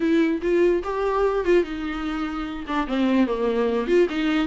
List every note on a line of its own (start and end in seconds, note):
0.00 0.41 E4
0.42 0.82 F4
0.83 1.44 G4
1.44 1.63 F4
1.63 2.65 D#4
2.67 2.87 D4
2.87 3.26 C4
3.26 3.87 A#3
3.87 4.07 F4
4.09 4.47 D#4